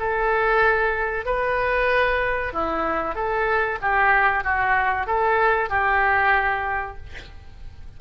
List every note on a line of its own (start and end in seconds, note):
0.00 1.26 A4
1.26 2.53 B4
2.54 3.15 E4
3.15 3.79 A4
3.82 4.44 G4
4.44 5.07 F#4
5.07 5.70 A4
5.70 6.97 G4